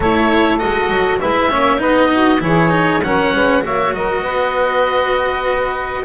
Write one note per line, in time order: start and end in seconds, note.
0.00 0.60 A3
0.00 0.59 E4
0.00 1.20 A4
0.00 0.58 C#5
0.58 0.89 G#3
0.58 1.19 F#4
0.58 1.19 D#5
0.89 1.19 F#3
1.20 1.53 G#3
1.20 1.50 E4
1.20 1.50 B4
1.20 1.81 E5
1.50 1.81 A#3
1.50 1.77 C#4
1.50 1.79 C#5
1.77 2.41 B3
1.77 2.38 D#4
1.77 2.09 B4
1.77 2.42 D#5
2.11 2.42 F#4
2.39 3.01 E3
2.39 2.70 E4
2.39 3.04 G#4
2.39 3.02 C#5
2.70 3.00 D#4
3.02 3.33 F#3
3.02 3.61 C#4
3.02 3.34 A#4
3.02 3.63 F#5
3.33 3.63 G#3
3.33 3.64 B4
3.61 3.92 A#3
3.61 6.03 F#4
3.61 3.94 C#5
3.61 3.94 E5
3.92 4.22 F#3
3.92 4.22 A#4
3.92 6.04 D#5
4.22 6.04 B3
4.22 6.04 B4